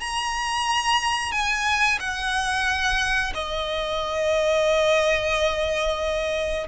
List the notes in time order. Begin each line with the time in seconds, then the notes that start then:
0.00 A#5
1.32 G#5
1.99 F#5
3.34 D#5